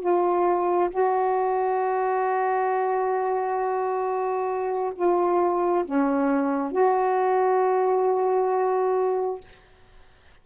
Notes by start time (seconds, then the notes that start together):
0.00 F4
0.90 F#4
4.95 F4
5.85 C#4
6.72 F#4